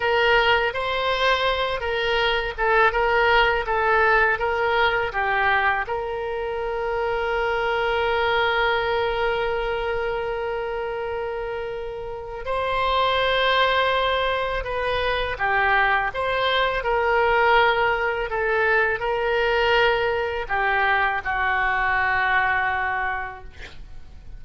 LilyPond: \new Staff \with { instrumentName = "oboe" } { \time 4/4 \tempo 4 = 82 ais'4 c''4. ais'4 a'8 | ais'4 a'4 ais'4 g'4 | ais'1~ | ais'1~ |
ais'4 c''2. | b'4 g'4 c''4 ais'4~ | ais'4 a'4 ais'2 | g'4 fis'2. | }